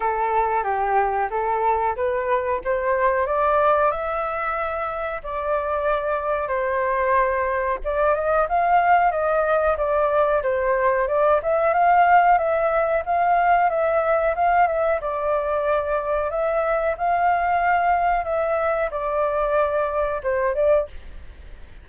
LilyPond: \new Staff \with { instrumentName = "flute" } { \time 4/4 \tempo 4 = 92 a'4 g'4 a'4 b'4 | c''4 d''4 e''2 | d''2 c''2 | d''8 dis''8 f''4 dis''4 d''4 |
c''4 d''8 e''8 f''4 e''4 | f''4 e''4 f''8 e''8 d''4~ | d''4 e''4 f''2 | e''4 d''2 c''8 d''8 | }